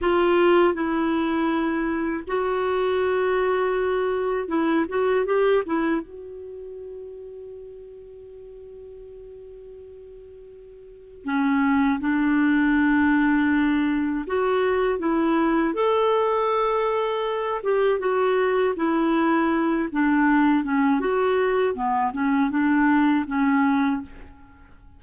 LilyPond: \new Staff \with { instrumentName = "clarinet" } { \time 4/4 \tempo 4 = 80 f'4 e'2 fis'4~ | fis'2 e'8 fis'8 g'8 e'8 | fis'1~ | fis'2. cis'4 |
d'2. fis'4 | e'4 a'2~ a'8 g'8 | fis'4 e'4. d'4 cis'8 | fis'4 b8 cis'8 d'4 cis'4 | }